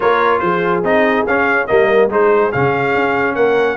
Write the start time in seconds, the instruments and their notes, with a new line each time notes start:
0.00 tuba A#3, trombone F4, horn A#4, trumpet C#5
0.39 tuba F3, horn G#4, trumpet C5
0.83 tuba C4, trombone D#4, trumpet D#5
1.26 tuba C#4, trombone C#4, trumpet F5
1.67 tuba G3, trombone A#3, horn A#4, trumpet D#5
2.09 tuba G#3, trombone D#4, horn G#4, trumpet C5
2.52 tuba C#3, trombone C#4, trumpet F5
2.94 tuba C#4
3.35 tuba A#3, horn A#4, trumpet F#5